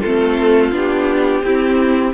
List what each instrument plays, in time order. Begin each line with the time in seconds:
0.00 cello A3, viola C4, violin F4 A4
0.71 cello B3, viola D4, violin G4
1.42 cello C4, viola C4, violin E4